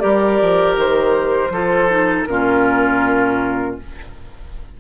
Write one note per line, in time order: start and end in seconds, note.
0.00 0.41 G3
0.00 1.50 G4
0.00 1.53 A#4
0.00 0.75 D5
0.42 0.77 F3
0.77 1.50 D#3
0.77 2.26 C5
1.50 2.25 F3
1.50 1.89 F4
1.50 2.29 A4
1.89 2.27 D#4
2.26 3.79 A#2
2.26 3.79 C#4
2.26 3.81 F4
2.26 3.76 A#4